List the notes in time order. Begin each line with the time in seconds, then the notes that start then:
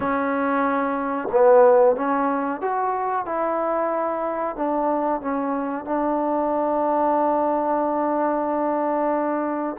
0.00 C#4
1.32 B3
1.96 C#4
2.61 F#4
3.25 E4
4.55 D4
5.21 C#4
5.85 D4